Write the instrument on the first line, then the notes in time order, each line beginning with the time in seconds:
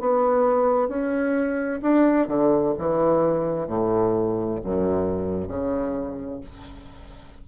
bassoon
0.00 B3
0.88 C#4
1.82 D4
2.27 D3
2.78 E3
3.67 A2
4.64 F#2
5.48 C#3